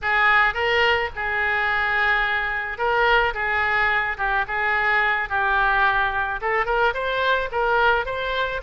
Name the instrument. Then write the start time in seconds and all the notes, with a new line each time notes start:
oboe
0.02 G#4
0.54 A#4
1.15 G#4
2.78 A#4
3.33 G#4
4.17 G4
4.47 G#4
5.29 G4
6.41 A4
6.65 A#4
6.93 C5
7.51 A#4
8.05 C5